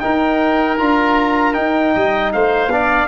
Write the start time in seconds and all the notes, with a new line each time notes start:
0.00 D#4 A#4 G5
0.79 D4 F4 A#5
1.54 D#4 G5
1.95 G3 D#5
2.33 A3 C5 F5
2.67 B3 D4
2.74 D5